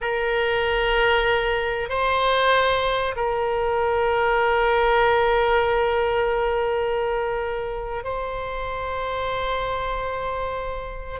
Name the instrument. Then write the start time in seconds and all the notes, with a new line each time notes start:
oboe
0.01 A#4
1.89 C5
3.16 A#4
8.04 C5